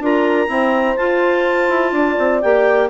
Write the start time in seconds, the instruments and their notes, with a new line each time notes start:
0.00 bassoon D4, clarinet F4 A#5, horn A#4
0.48 clarinet C4, bassoon E4, horn C5
0.97 bassoon F4, clarinet F4 A5
1.69 bassoon E4
1.92 bassoon D4, horn D5
2.19 bassoon C4
2.41 bassoon A#3, clarinet G4 G5